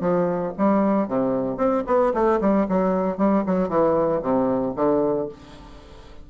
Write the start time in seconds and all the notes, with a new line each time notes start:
0.00 F3
0.57 G3
1.08 C3
1.57 C4
1.87 B3
2.14 A3
2.40 G3
2.69 F#3
3.17 G3
3.46 F#3
3.69 E3
4.22 C3
4.76 D3